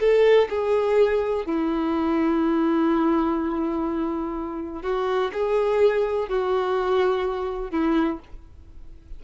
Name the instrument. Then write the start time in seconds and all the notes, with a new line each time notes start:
violin
0.00 A4
0.50 G#4
1.46 E4
4.83 F#4
5.34 G#4
6.29 F#4
7.72 E4